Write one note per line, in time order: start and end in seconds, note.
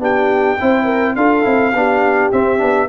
0.00 0.58 B3
0.00 0.58 D4
0.00 0.59 G4
0.00 1.16 G5
0.61 1.17 C4
0.61 1.18 E4
0.61 0.85 C5
0.85 1.14 A#4
1.16 1.45 D4
1.16 1.44 F4
1.16 1.75 A4
1.16 2.31 F5
1.44 1.74 C4
1.44 1.72 E4
1.74 2.32 B3
1.74 2.33 D4
1.74 2.90 G4
2.32 2.58 C4
2.32 2.62 C4
2.32 2.90 E5
2.58 2.90 B3
2.58 2.87 D4